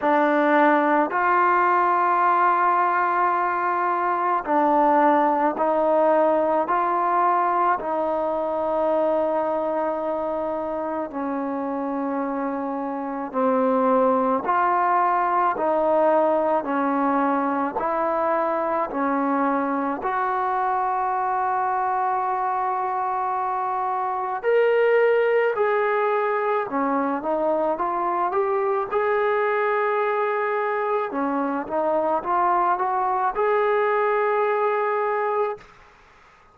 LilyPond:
\new Staff \with { instrumentName = "trombone" } { \time 4/4 \tempo 4 = 54 d'4 f'2. | d'4 dis'4 f'4 dis'4~ | dis'2 cis'2 | c'4 f'4 dis'4 cis'4 |
e'4 cis'4 fis'2~ | fis'2 ais'4 gis'4 | cis'8 dis'8 f'8 g'8 gis'2 | cis'8 dis'8 f'8 fis'8 gis'2 | }